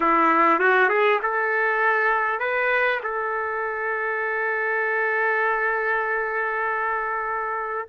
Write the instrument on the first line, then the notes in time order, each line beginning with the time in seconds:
trumpet
0.00 E4
0.59 F#4
0.89 G#4
1.22 A4
2.39 B4
3.03 A4